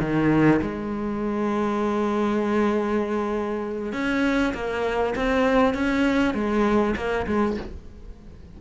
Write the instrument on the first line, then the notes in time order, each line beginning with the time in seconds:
cello
0.00 D#3
0.62 G#3
3.93 C#4
4.54 A#3
5.15 C4
5.74 C#4
6.34 G#3
6.96 A#3
7.27 G#3